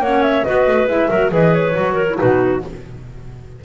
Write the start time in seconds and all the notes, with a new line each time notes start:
0.00 A#3 C#4 C#5 F#5
0.23 E5
0.45 B3 F#4 B4 D#5
0.68 A3
0.88 G#3 E4 E5
1.10 F#3 F#4 A#4
1.30 E3 G#4 B4 D#5
1.54 C#5
1.74 F#3 F#4
1.94 A#4
2.10 E4
2.17 B2 D#4 F#4 B4